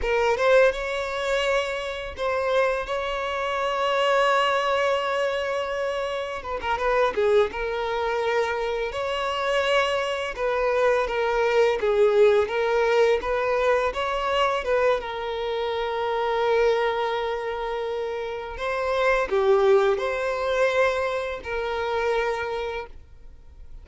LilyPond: \new Staff \with { instrumentName = "violin" } { \time 4/4 \tempo 4 = 84 ais'8 c''8 cis''2 c''4 | cis''1~ | cis''4 b'16 ais'16 b'8 gis'8 ais'4.~ | ais'8 cis''2 b'4 ais'8~ |
ais'8 gis'4 ais'4 b'4 cis''8~ | cis''8 b'8 ais'2.~ | ais'2 c''4 g'4 | c''2 ais'2 | }